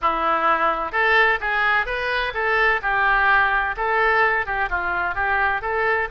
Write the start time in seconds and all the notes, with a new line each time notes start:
0.01 E4
0.92 A4
1.40 G#4
1.85 B4
2.34 A4
2.81 G4
3.76 A4
4.46 G4
4.69 F4
5.15 G4
5.61 A4